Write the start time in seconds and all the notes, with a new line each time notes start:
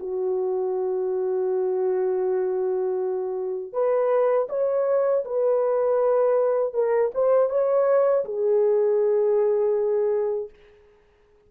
0.00 F#4
3.73 B4
4.49 C#5
5.25 B4
6.74 A#4
7.15 C5
7.50 C#5
8.25 G#4